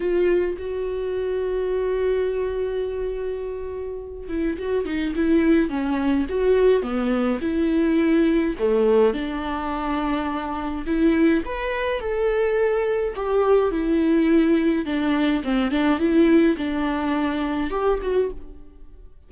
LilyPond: \new Staff \with { instrumentName = "viola" } { \time 4/4 \tempo 4 = 105 f'4 fis'2.~ | fis'2.~ fis'8 e'8 | fis'8 dis'8 e'4 cis'4 fis'4 | b4 e'2 a4 |
d'2. e'4 | b'4 a'2 g'4 | e'2 d'4 c'8 d'8 | e'4 d'2 g'8 fis'8 | }